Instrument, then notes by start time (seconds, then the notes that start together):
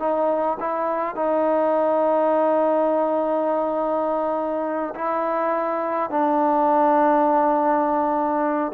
trombone
0.00 D#4
0.60 E4
1.16 D#4
4.95 E4
6.11 D4